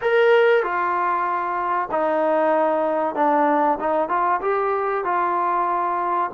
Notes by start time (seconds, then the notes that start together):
0.01 A#4
0.63 F4
1.91 D#4
3.15 D4
3.80 D#4
4.09 F4
4.41 G4
5.04 F4